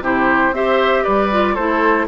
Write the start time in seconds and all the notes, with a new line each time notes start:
0.00 C3 E4 G4 C5
0.51 C4 G4 C5 E5
1.03 G3 B4 D5
1.31 F4
1.54 A3 E4 A4 C5